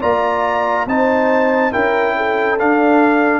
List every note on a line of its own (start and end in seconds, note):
0.00 0.87 A#3
0.00 0.87 F4
0.00 0.86 D5
0.00 0.88 A#5
0.87 1.72 C4
0.87 1.73 D#4
0.87 1.73 C5
0.87 1.73 A5
1.73 2.60 C#4
1.73 2.59 E4
1.73 2.16 A#4
1.73 2.59 G5
2.17 3.40 A4
2.59 3.40 D4
2.59 3.40 F5